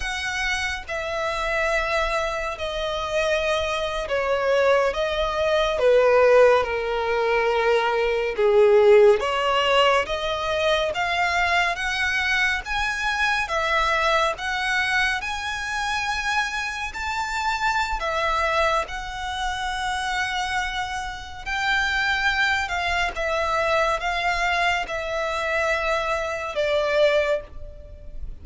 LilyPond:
\new Staff \with { instrumentName = "violin" } { \time 4/4 \tempo 4 = 70 fis''4 e''2 dis''4~ | dis''8. cis''4 dis''4 b'4 ais'16~ | ais'4.~ ais'16 gis'4 cis''4 dis''16~ | dis''8. f''4 fis''4 gis''4 e''16~ |
e''8. fis''4 gis''2 a''16~ | a''4 e''4 fis''2~ | fis''4 g''4. f''8 e''4 | f''4 e''2 d''4 | }